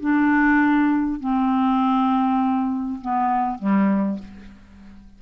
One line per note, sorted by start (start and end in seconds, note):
0.00 1.20 D4
1.20 3.00 C4
3.01 3.59 B3
3.59 4.19 G3